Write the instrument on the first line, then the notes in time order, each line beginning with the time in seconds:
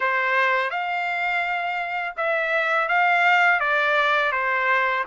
trumpet
0.00 C5
0.70 F5
2.17 E5
2.88 F5
3.60 D5
4.32 C5